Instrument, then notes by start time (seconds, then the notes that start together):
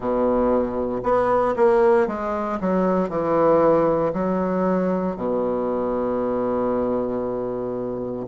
bassoon
0.00 B2
1.03 B3
1.56 A#3
2.07 G#3
2.60 F#3
3.09 E3
4.13 F#3
5.16 B2